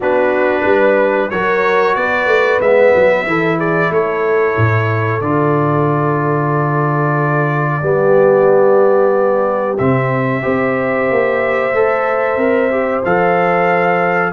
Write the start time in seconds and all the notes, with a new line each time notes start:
0.00 B3 D4 F#4 B4
0.64 G3 B4
1.30 F#3 F#4 A#4 C#5
1.94 B3 B4 D5
2.26 A3
2.60 G#3 B3 E5
2.95 F#3
3.26 E3 E4 A4
3.58 G#4 D5
3.90 A3 A4 C#5
4.56 A2
5.21 D3 F4 D5
7.82 G3 B3 G4
9.77 C3 C4 E5
10.41 C4 G4 C5
11.10 A#3
11.72 A3 A4
12.36 C4 A#4
12.71 G4
13.04 F3 A4 F5